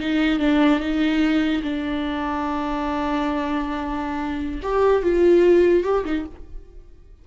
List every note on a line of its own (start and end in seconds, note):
0.00 0.39 D#4
0.39 0.80 D4
0.80 1.62 D#4
1.63 4.61 D4
4.63 5.03 G4
5.03 5.84 F4
5.84 6.04 G4
6.05 6.25 D#4